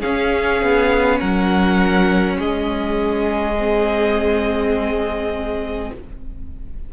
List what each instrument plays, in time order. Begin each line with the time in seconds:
0.00 viola C#4, cello C#4, violin G#4 F5
0.62 cello B3
1.18 cello F#3, violin A#4 F#5
2.37 cello G#3, violin G#4 D#5
3.57 viola C4